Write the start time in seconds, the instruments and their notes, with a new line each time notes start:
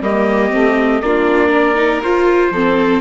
0.00 bassoon G3, viola A#3, violin G4, trumpet D#5
0.50 bassoon A3, viola C4
1.01 bassoon A#3, viola D4, violin F4, trumpet D5
1.49 violin A#4
1.75 viola D#4
2.03 viola F4, bassoon F4, trumpet C5
2.51 bassoon F3, viola C4, violin A4